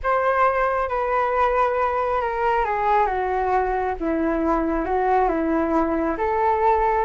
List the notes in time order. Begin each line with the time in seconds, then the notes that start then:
0.03 C5
0.88 B4
2.21 A#4
2.65 G#4
3.06 F#4
3.99 E4
4.85 F#4
5.28 E4
6.17 A4